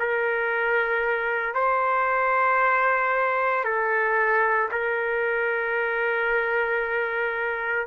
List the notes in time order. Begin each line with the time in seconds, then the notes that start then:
0.00 A#4
1.55 C5
3.65 A4
4.72 A#4